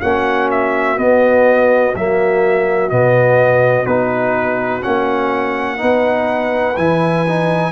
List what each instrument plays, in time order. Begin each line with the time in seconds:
0.00 tuba A#3, trombone C#4, horn F#4, trumpet F#5
0.51 trumpet E5
0.97 trombone B3, tuba B3, trumpet D#5
1.94 tuba F#3, trombone A#3, trumpet E5
2.89 tuba B2, trombone B3, trumpet D#5
3.85 tuba B3, trombone D#4, trumpet B4
4.81 tuba A#3, trombone C#4, trumpet F#5
5.77 tuba B3, trombone D#4, horn B4
6.76 tuba E3, trombone E4, trumpet G#5
7.28 trombone D#4